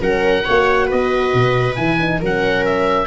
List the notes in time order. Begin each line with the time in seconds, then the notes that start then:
0.00 F#3 C#4 A#4 F#5
0.45 A#3 F#4 C#5
0.85 B4 D#5
0.91 B3
1.33 B2
1.75 E3 E4 G#5
2.00 D#4
2.20 F#3 C#4 A#4 F#5
2.65 E5